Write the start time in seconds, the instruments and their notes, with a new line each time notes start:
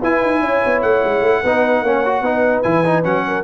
0.00 tuba E4, trombone E4, horn B4, trumpet G#5
0.23 tuba D#4
0.40 tuba C#4, horn C#5
0.66 tuba B3
0.82 tuba A3, trumpet F#5
1.04 tuba G#3
1.22 tuba A3
1.43 tuba B3, trombone D#4, horn B4
1.82 tuba A#3, trombone C#4, horn C#5
2.06 trombone F#4
2.21 tuba B3, trombone D#4, horn B4
2.63 tuba E3, trombone E4, trumpet G#5
2.85 trombone D#4
3.03 tuba F#3, trombone C#4, trumpet F#5
3.27 horn A#4